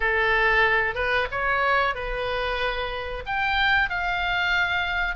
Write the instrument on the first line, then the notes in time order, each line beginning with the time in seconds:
oboe
0.00 A4
0.94 B4
1.31 C#5
1.94 B4
3.26 G5
3.89 F5